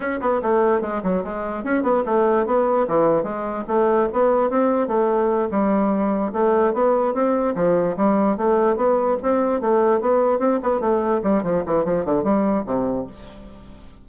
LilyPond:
\new Staff \with { instrumentName = "bassoon" } { \time 4/4 \tempo 4 = 147 cis'8 b8 a4 gis8 fis8 gis4 | cis'8 b8 a4 b4 e4 | gis4 a4 b4 c'4 | a4. g2 a8~ |
a8 b4 c'4 f4 g8~ | g8 a4 b4 c'4 a8~ | a8 b4 c'8 b8 a4 g8 | f8 e8 f8 d8 g4 c4 | }